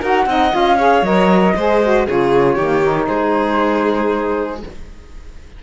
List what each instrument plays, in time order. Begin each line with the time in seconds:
0.00 cello D#4, saxophone F#4, violin A#4, flute F#5
0.26 cello C4, saxophone D#4, violin D#5
0.52 cello C#4, saxophone F4, flute F5
0.78 saxophone G#4, violin C#5
1.02 cello F#3, saxophone A#4, flute D#5
1.56 cello G#3, saxophone G#4, violin C5
1.83 saxophone F#4
2.06 cello C#3, saxophone F4, violin G#4, flute C#5
2.55 cello D#3, saxophone A#3, violin G4
2.84 saxophone D#4
3.08 cello G#3, violin G#4, flute C5